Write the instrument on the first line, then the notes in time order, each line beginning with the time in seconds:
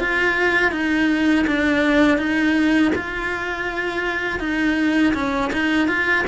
cello
0.00 F4
0.72 D#4
1.47 D4
2.18 D#4
2.96 F4
4.40 D#4
5.14 C#4
5.54 D#4
5.89 F4